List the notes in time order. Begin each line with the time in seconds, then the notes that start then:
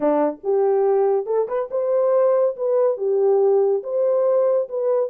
0.00 D4
0.43 G4
1.26 A4
1.47 B4
1.70 C5
2.56 B4
2.97 G4
3.83 C5
4.68 B4